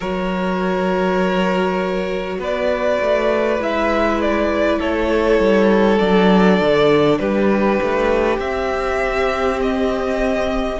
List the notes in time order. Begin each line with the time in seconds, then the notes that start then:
0.00 F#3 F#4 A#4 C#5
2.38 B3 B4 D5
3.01 A3
3.59 G#3 E4 E5
4.21 D5
4.79 A3 A4 C#5
5.39 G3
5.99 F#3 D4 D5
6.60 D3
7.18 G3 G4 B4
7.82 A3
8.38 C4 E5
9.62 D#5